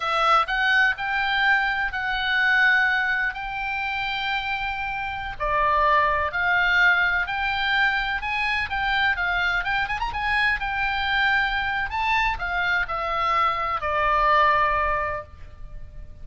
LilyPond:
\new Staff \with { instrumentName = "oboe" } { \time 4/4 \tempo 4 = 126 e''4 fis''4 g''2 | fis''2. g''4~ | g''2.~ g''16 d''8.~ | d''4~ d''16 f''2 g''8.~ |
g''4~ g''16 gis''4 g''4 f''8.~ | f''16 g''8 gis''16 ais''16 gis''4 g''4.~ g''16~ | g''4 a''4 f''4 e''4~ | e''4 d''2. | }